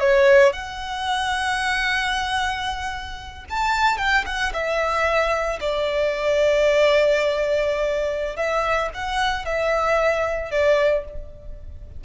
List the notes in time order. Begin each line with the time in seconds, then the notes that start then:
0.00 C#5
0.53 F#5
3.49 A5
3.98 G5
4.26 F#5
4.53 E5
5.60 D5
8.36 E5
8.94 F#5
9.45 E5
10.51 D5